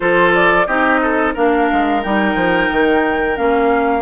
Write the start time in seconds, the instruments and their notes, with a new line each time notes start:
0.00 bassoon F3, clarinet F4, oboe A4, flute C5
0.34 flute D5
0.66 bassoon C4, clarinet D#4, oboe G4, flute D#5
1.01 oboe A4
1.33 bassoon A#3, clarinet D4, oboe A#4, flute F5
1.72 bassoon G#3
2.03 bassoon G3, clarinet D#4, flute G5
2.35 bassoon F3
2.71 bassoon D#3
3.36 bassoon A#3, clarinet C#4, flute F5